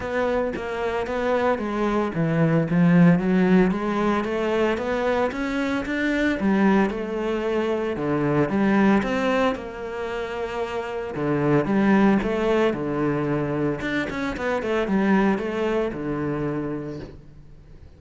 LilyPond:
\new Staff \with { instrumentName = "cello" } { \time 4/4 \tempo 4 = 113 b4 ais4 b4 gis4 | e4 f4 fis4 gis4 | a4 b4 cis'4 d'4 | g4 a2 d4 |
g4 c'4 ais2~ | ais4 d4 g4 a4 | d2 d'8 cis'8 b8 a8 | g4 a4 d2 | }